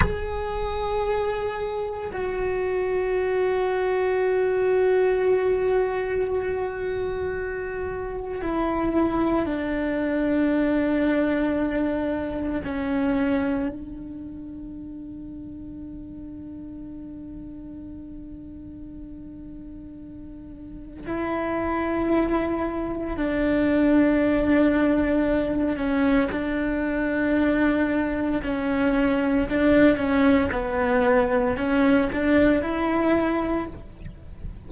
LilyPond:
\new Staff \with { instrumentName = "cello" } { \time 4/4 \tempo 4 = 57 gis'2 fis'2~ | fis'1 | e'4 d'2. | cis'4 d'2.~ |
d'1 | e'2 d'2~ | d'8 cis'8 d'2 cis'4 | d'8 cis'8 b4 cis'8 d'8 e'4 | }